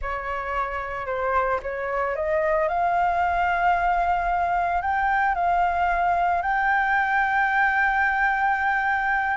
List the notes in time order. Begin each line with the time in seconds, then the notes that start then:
0.01 C#5
1.06 C5
1.62 C#5
2.15 D#5
2.68 F5
4.81 G5
5.34 F5
6.42 G5